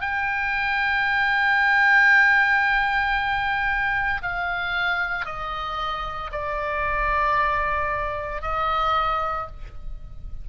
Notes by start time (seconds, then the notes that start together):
0.00 G5
4.22 F5
5.25 D#5
6.32 D5
8.41 D#5